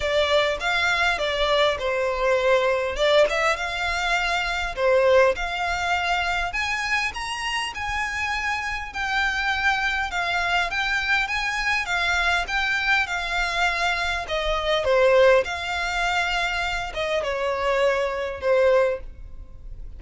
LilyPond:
\new Staff \with { instrumentName = "violin" } { \time 4/4 \tempo 4 = 101 d''4 f''4 d''4 c''4~ | c''4 d''8 e''8 f''2 | c''4 f''2 gis''4 | ais''4 gis''2 g''4~ |
g''4 f''4 g''4 gis''4 | f''4 g''4 f''2 | dis''4 c''4 f''2~ | f''8 dis''8 cis''2 c''4 | }